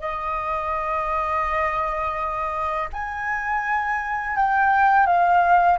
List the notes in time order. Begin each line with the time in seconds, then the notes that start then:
0.00 D#5
2.93 G#5
4.36 G5
5.06 F5